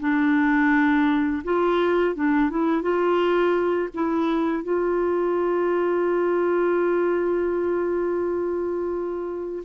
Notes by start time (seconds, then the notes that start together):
0.00 D4
1.44 F4
2.15 D4
2.50 E4
2.82 F4
3.94 E4
4.64 F4